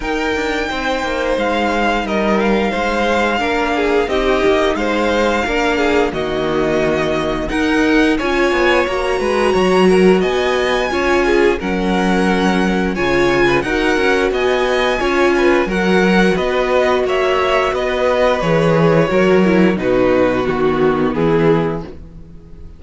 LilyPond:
<<
  \new Staff \with { instrumentName = "violin" } { \time 4/4 \tempo 4 = 88 g''2 f''4 dis''8 f''8~ | f''2 dis''4 f''4~ | f''4 dis''2 fis''4 | gis''4 ais''2 gis''4~ |
gis''4 fis''2 gis''4 | fis''4 gis''2 fis''4 | dis''4 e''4 dis''4 cis''4~ | cis''4 b'4 fis'4 gis'4 | }
  \new Staff \with { instrumentName = "violin" } { \time 4/4 ais'4 c''2 ais'4 | c''4 ais'8 gis'8 g'4 c''4 | ais'8 gis'8 fis'2 ais'4 | cis''4. b'8 cis''8 ais'8 dis''4 |
cis''8 gis'8 ais'2 cis''8. b'16 | ais'4 dis''4 cis''8 b'8 ais'4 | b'4 cis''4 b'2 | ais'4 fis'2 e'4 | }
  \new Staff \with { instrumentName = "viola" } { \time 4/4 dis'1~ | dis'4 d'4 dis'2 | d'4 ais2 dis'4 | f'4 fis'2. |
f'4 cis'2 f'4 | fis'2 f'4 fis'4~ | fis'2. gis'4 | fis'8 e'8 dis'4 b2 | }
  \new Staff \with { instrumentName = "cello" } { \time 4/4 dis'8 d'8 c'8 ais8 gis4 g4 | gis4 ais4 c'8 ais8 gis4 | ais4 dis2 dis'4 | cis'8 b8 ais8 gis8 fis4 b4 |
cis'4 fis2 cis4 | dis'8 cis'8 b4 cis'4 fis4 | b4 ais4 b4 e4 | fis4 b,4 dis4 e4 | }
>>